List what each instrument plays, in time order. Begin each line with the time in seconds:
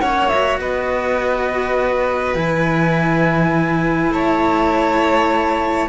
0.00 cello A#3 C#4, violin C#5, flute F#5
0.29 cello F#4, flute E5
0.59 cello B3, violin B4, flute D#5
2.35 cello E3 E4, flute G#5
4.09 cello A3, violin C#5, flute A5